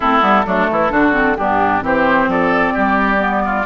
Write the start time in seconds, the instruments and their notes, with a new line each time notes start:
0.00 bassoon A3, clarinet C4, oboe E4, flute A4
0.21 bassoon G3, clarinet B3
0.45 bassoon F#3, clarinet A3, oboe D4
0.70 bassoon E3, oboe E4
0.90 bassoon D3, clarinet D4, oboe F#4
1.12 clarinet C4
1.35 bassoon G2, clarinet B3, oboe D4, flute G4
1.81 bassoon E3, clarinet C4, oboe G4, flute C5
2.27 bassoon F3, oboe A4, flute D5
2.73 bassoon G3, oboe G4
3.18 clarinet B3
3.45 oboe F4